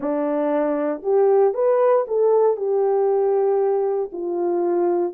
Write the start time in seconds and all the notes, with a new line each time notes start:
0.00 D4
1.02 G4
1.54 B4
2.07 A4
2.56 G4
4.12 F4